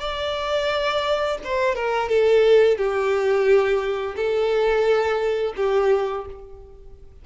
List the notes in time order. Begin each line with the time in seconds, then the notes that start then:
0.00 D5
1.44 C5
1.76 A#4
2.09 A4
2.78 G4
4.16 A4
5.57 G4